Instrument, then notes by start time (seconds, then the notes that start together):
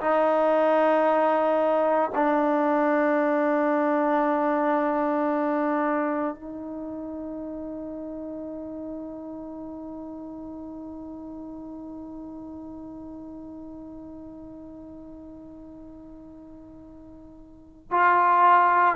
trombone
0.00 D#4
2.15 D4
6.35 D#4
17.91 F4